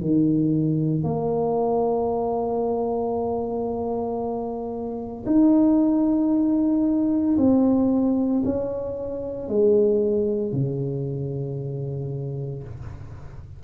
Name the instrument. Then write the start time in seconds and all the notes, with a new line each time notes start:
tuba
0.00 D#3
1.03 A#3
5.26 D#4
7.37 C4
8.44 C#4
9.48 G#3
10.52 C#3